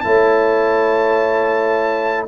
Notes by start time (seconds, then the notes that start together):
0.00 A3 E4 C#5 A5